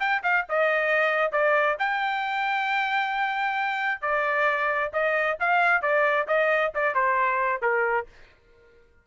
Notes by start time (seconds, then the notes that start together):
0.00 G5
0.23 F5
0.49 D#5
1.32 D5
1.79 G5
4.01 D5
4.93 D#5
5.40 F5
5.82 D5
6.27 D#5
6.74 D5
6.95 C5
7.62 A#4